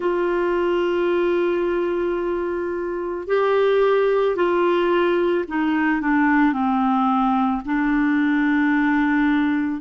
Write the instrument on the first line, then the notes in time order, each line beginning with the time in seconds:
clarinet
0.00 F4
3.27 G4
4.35 F4
5.47 D#4
6.00 D4
6.53 C4
7.65 D4